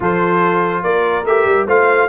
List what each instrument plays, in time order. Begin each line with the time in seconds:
0.00 tuba F3, trombone F4, horn A4, trumpet C5
0.83 tuba A#3, horn A#4, trumpet D5
1.24 tuba A3, trombone G4, trumpet E5
1.45 tuba G3
1.66 tuba A3, trombone F4, horn C5, trumpet F5